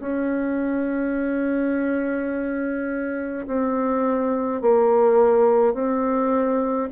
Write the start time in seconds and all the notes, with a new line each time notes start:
0.00 C#4
3.47 C4
4.61 A#3
5.73 C4